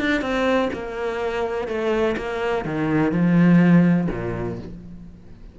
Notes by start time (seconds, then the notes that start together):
0.00 D4
0.21 C4
0.73 A#3
1.68 A3
2.17 A#3
2.65 D#3
3.12 F3
4.11 A#2